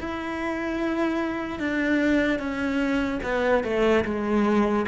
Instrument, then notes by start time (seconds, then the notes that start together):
cello
0.00 E4
1.60 D4
2.39 C#4
3.23 B3
3.64 A3
4.05 G#3